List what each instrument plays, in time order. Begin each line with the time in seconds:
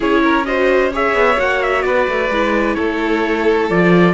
0.00 cello C#4, viola E4, violin G#4, trumpet C#5
0.23 violin A#4
0.45 viola F#4, violin C5, trumpet D#5
0.93 viola G#4, violin C#5, trumpet E5
1.13 cello B3
1.36 cello A#3, viola F#4, trumpet F#5
1.62 trumpet E5
1.82 cello B3, violin B4, trumpet D5
2.07 cello A3
2.29 cello G#3, viola E4
2.74 cello A3, violin A4, trumpet C#5
3.69 cello F3, viola F4, trumpet D5